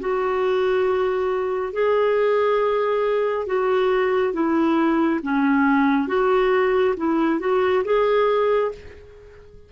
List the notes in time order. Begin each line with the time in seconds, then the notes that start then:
0.00 F#4
1.73 G#4
3.47 F#4
4.33 E4
5.23 C#4
6.08 F#4
6.97 E4
7.40 F#4
7.85 G#4